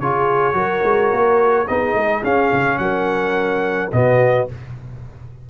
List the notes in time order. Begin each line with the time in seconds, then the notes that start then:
0.00 C#3 F4 G#4 C#5
0.54 F#3 F#4 A#4
0.84 G#3
1.12 A#3
1.68 B3 D#4 G#4 D#5
1.95 G#3
2.24 C#4 F5
2.53 C#3
2.78 F#3 A#4 F#5
3.92 B2 B3 F#4 D#5